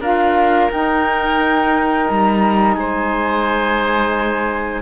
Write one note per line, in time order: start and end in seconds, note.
0.00 0.69 D4
0.00 0.70 F4
0.00 2.76 A#4
0.00 0.71 F5
0.70 4.81 D#4
0.70 2.08 D#4
0.70 2.09 G5
2.09 2.76 G3
2.09 2.75 A#5
2.75 4.81 G#3
2.75 4.81 C5
2.75 4.81 G#5